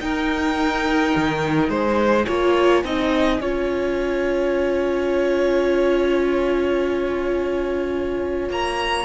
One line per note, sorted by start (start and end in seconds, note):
0.00 2.26 D#4
0.00 1.13 D#4
0.00 1.69 A#4
0.00 1.69 G5
1.15 1.69 D#3
1.69 2.26 G#3
1.69 2.25 C5
1.69 8.48 G#5
2.27 2.83 A#3
2.27 2.84 F4
2.27 2.83 C#5
2.83 3.39 C4
2.83 3.41 D#4
2.83 3.41 D#5
3.40 8.49 C#4
3.40 9.04 F4
3.40 9.04 C#5
8.49 9.04 A#3
8.49 9.04 A#5